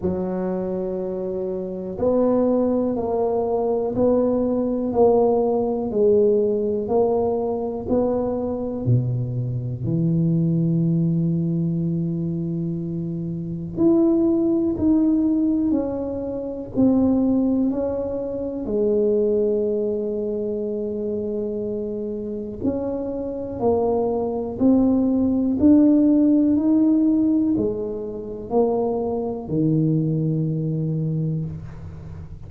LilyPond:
\new Staff \with { instrumentName = "tuba" } { \time 4/4 \tempo 4 = 61 fis2 b4 ais4 | b4 ais4 gis4 ais4 | b4 b,4 e2~ | e2 e'4 dis'4 |
cis'4 c'4 cis'4 gis4~ | gis2. cis'4 | ais4 c'4 d'4 dis'4 | gis4 ais4 dis2 | }